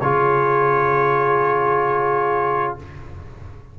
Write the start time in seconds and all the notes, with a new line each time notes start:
0.00 C#3 F4 G#4 C#5